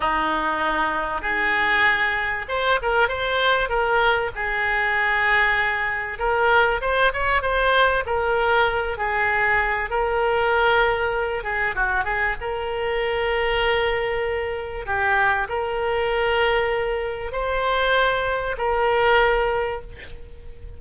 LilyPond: \new Staff \with { instrumentName = "oboe" } { \time 4/4 \tempo 4 = 97 dis'2 gis'2 | c''8 ais'8 c''4 ais'4 gis'4~ | gis'2 ais'4 c''8 cis''8 | c''4 ais'4. gis'4. |
ais'2~ ais'8 gis'8 fis'8 gis'8 | ais'1 | g'4 ais'2. | c''2 ais'2 | }